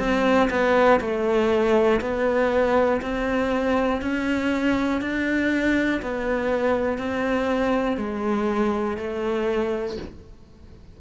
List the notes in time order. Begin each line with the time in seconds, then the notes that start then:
0.00 C4
0.50 B3
1.01 A3
2.01 B3
3.02 C4
4.02 C#4
5.01 D4
6.02 B3
6.99 C4
7.98 G#3
8.98 A3